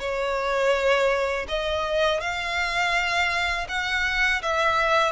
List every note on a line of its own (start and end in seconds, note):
0.00 1.46 C#5
1.48 2.21 D#5
2.21 3.67 F5
3.69 4.42 F#5
4.42 5.12 E5